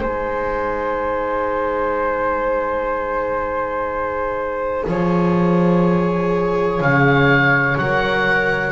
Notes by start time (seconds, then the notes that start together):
0.00 G#3 D#4 C5 G#5
4.87 F3 G#4 C#5
6.81 C#3 F5
7.78 F#3 A#4 F#5